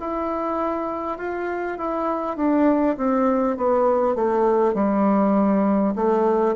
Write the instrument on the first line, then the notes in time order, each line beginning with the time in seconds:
bassoon
0.00 E4
1.18 F4
1.77 E4
2.37 D4
2.97 C4
3.57 B3
4.15 A3
4.74 G3
5.95 A3